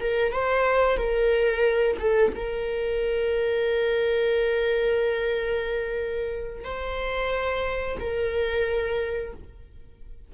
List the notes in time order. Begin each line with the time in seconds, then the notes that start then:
0.00 A#4
0.32 C5
0.97 A#4
1.99 A4
2.35 A#4
6.64 C5
8.00 A#4